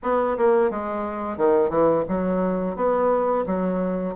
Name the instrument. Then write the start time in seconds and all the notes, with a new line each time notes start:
bassoon
0.02 B3
0.37 A#3
0.70 G#3
1.37 D#3
1.69 E3
2.08 F#3
2.76 B3
3.46 F#3